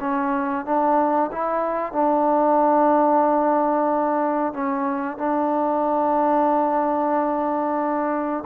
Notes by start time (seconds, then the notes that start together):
0.00 C#4
0.65 D4
1.32 E4
1.92 D4
4.53 C#4
5.18 D4